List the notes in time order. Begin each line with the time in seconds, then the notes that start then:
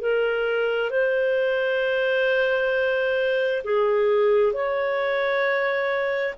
0.00 A#4
0.90 C5
3.64 G#4
4.52 C#5